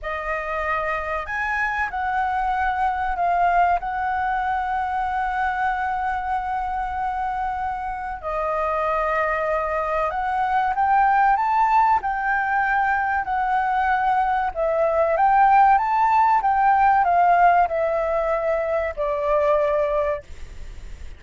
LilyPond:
\new Staff \with { instrumentName = "flute" } { \time 4/4 \tempo 4 = 95 dis''2 gis''4 fis''4~ | fis''4 f''4 fis''2~ | fis''1~ | fis''4 dis''2. |
fis''4 g''4 a''4 g''4~ | g''4 fis''2 e''4 | g''4 a''4 g''4 f''4 | e''2 d''2 | }